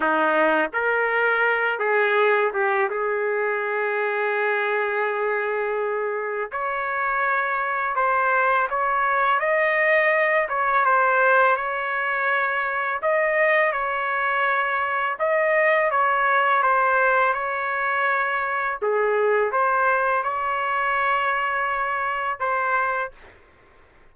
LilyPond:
\new Staff \with { instrumentName = "trumpet" } { \time 4/4 \tempo 4 = 83 dis'4 ais'4. gis'4 g'8 | gis'1~ | gis'4 cis''2 c''4 | cis''4 dis''4. cis''8 c''4 |
cis''2 dis''4 cis''4~ | cis''4 dis''4 cis''4 c''4 | cis''2 gis'4 c''4 | cis''2. c''4 | }